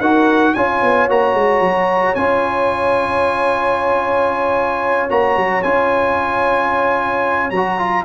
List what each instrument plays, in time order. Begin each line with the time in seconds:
0.00 tuba D#4, trombone F#4, horn A#4, trumpet F#5
0.54 tuba C#4, trombone F4, horn C#5, trumpet G#5
0.82 tuba B3
1.08 tuba A#3, trombone F#4, trumpet A#5
1.34 tuba G#3
1.60 tuba F#3
2.15 tuba C#4, trombone F4, trumpet G#5
5.09 tuba A#3, trombone F#4, trumpet A#5
5.36 tuba F#3
5.63 tuba C#4, trombone F4, trumpet G#5
7.50 tuba F#3, trumpet A#5
7.56 trombone F#4
7.78 trombone F4